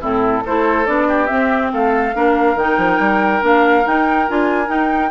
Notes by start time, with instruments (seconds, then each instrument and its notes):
0.00 bassoon A2, clarinet C4, oboe E4, flute A4
0.44 bassoon A3, clarinet E4, oboe A4, flute C5
0.85 bassoon B3, clarinet D4, flute D5
1.07 oboe G4
1.26 clarinet C4, bassoon C4, flute E5
1.72 bassoon A3, oboe A4, flute F5
2.14 bassoon A#3, clarinet D4, oboe A#4
2.55 bassoon D#3, clarinet D#4, flute G5
2.77 bassoon F3
2.98 bassoon G3
3.41 bassoon A#3, clarinet D4, flute F5
3.85 clarinet D#4, bassoon D#4, flute G5
4.28 bassoon D4, clarinet F4, flute G#5
4.66 clarinet D#4, bassoon D#4, flute G5